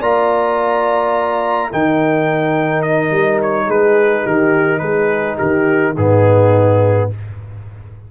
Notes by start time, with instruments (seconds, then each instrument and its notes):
0.00 tuba A#3, trombone F4, horn D5, trumpet A#5
1.71 tuba D#3, trombone D#4, horn A#4, trumpet G5
2.83 trumpet D#5
3.11 tuba G3
3.43 trumpet C#5
3.66 tuba G#3, horn G#4, trumpet B4
4.23 tuba D#3, horn G4, trumpet A#4
4.79 tuba G#3, horn G#4, trumpet B4
5.37 tuba D#3, horn G4, trumpet A#4
5.95 tuba G#2, trombone B3, horn D#4, trumpet G#4